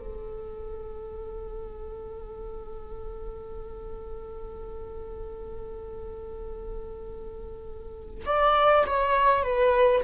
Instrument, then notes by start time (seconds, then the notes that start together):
viola
0.00 A4
8.26 D5
8.86 C#5
9.43 B4